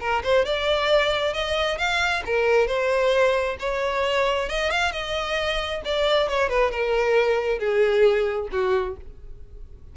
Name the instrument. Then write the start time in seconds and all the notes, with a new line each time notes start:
violin
0.00 A#4
0.23 C5
0.45 D5
1.34 D#5
1.78 F5
2.26 A#4
2.67 C5
3.59 C#5
4.49 D#5
4.71 F5
4.92 D#5
5.85 D5
6.29 C#5
6.49 B4
6.71 A#4
7.59 G#4
8.52 F#4